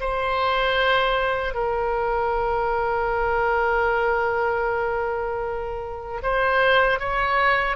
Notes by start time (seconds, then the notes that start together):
0.00 C5
1.54 A#4
6.23 C5
7.00 C#5